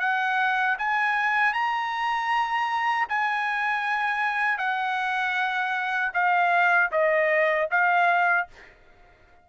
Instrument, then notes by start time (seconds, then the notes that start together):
trumpet
0.00 F#5
0.79 G#5
1.53 A#5
3.09 G#5
4.58 F#5
6.14 F5
6.92 D#5
7.71 F5